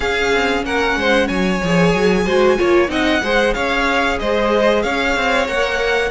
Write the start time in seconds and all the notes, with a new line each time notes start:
0.00 C#4 G#4 F5
0.32 C4
0.65 A#3 A#4 F#5
0.96 G#3 C5
1.27 F#3 C#5 G#5
1.63 F3 G#4
1.94 F#3
2.25 G#3 F#4 C5
2.57 A#3 F4 C#5
2.88 C4 D#4 D#5 F#5
3.23 G#3 G#4 C5
3.53 C#4 C#5 F5
4.19 G#3 C5 D#5
4.82 C#4 C#5 F5
5.16 C4
5.47 A#3 A#4 F#5